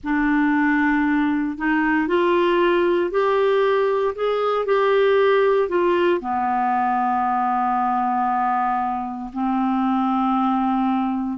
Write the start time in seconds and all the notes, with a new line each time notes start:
0.03 D4
1.58 D#4
2.07 F4
3.10 G4
4.15 G#4
4.65 G4
5.68 F4
6.21 B3
9.33 C4